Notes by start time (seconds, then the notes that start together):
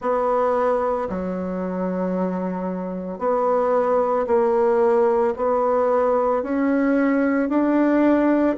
0.01 B3
1.09 F#3
3.19 B3
4.26 A#3
5.36 B3
6.42 C#4
7.49 D4